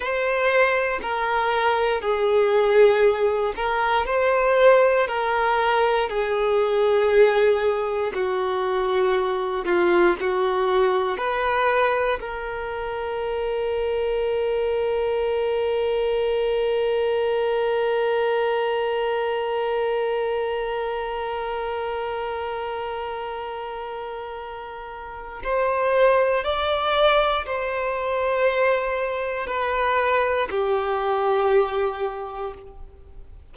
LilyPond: \new Staff \with { instrumentName = "violin" } { \time 4/4 \tempo 4 = 59 c''4 ais'4 gis'4. ais'8 | c''4 ais'4 gis'2 | fis'4. f'8 fis'4 b'4 | ais'1~ |
ais'1~ | ais'1~ | ais'4 c''4 d''4 c''4~ | c''4 b'4 g'2 | }